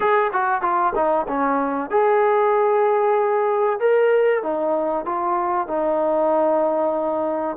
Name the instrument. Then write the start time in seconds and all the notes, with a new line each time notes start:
trombone
0.00 G#4
0.32 F#4
0.61 F4
0.95 D#4
1.28 C#4
1.90 G#4
3.79 A#4
4.42 D#4
5.05 F4
5.67 D#4